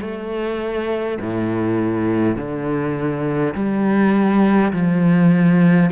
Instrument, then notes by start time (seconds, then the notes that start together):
cello
0.00 A3
1.20 A2
2.36 D3
3.54 G3
4.72 F3